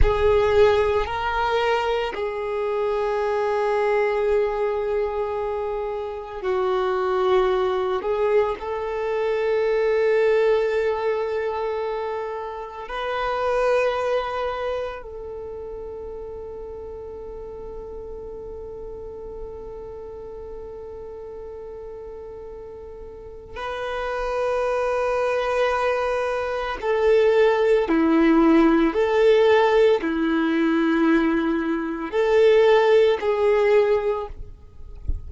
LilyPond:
\new Staff \with { instrumentName = "violin" } { \time 4/4 \tempo 4 = 56 gis'4 ais'4 gis'2~ | gis'2 fis'4. gis'8 | a'1 | b'2 a'2~ |
a'1~ | a'2 b'2~ | b'4 a'4 e'4 a'4 | e'2 a'4 gis'4 | }